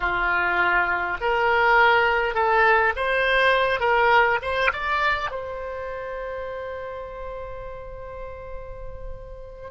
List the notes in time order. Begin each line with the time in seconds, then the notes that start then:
0.00 F4
1.20 A#4
2.34 A4
2.96 C5
3.80 A#4
4.41 C5
4.72 D5
5.30 C5